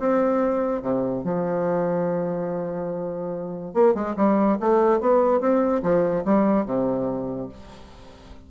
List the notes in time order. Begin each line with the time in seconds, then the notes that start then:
0.00 C4
0.82 C3
1.24 F3
3.74 A#3
3.95 G#3
4.17 G3
4.60 A3
5.01 B3
5.41 C4
5.83 F3
6.25 G3
6.66 C3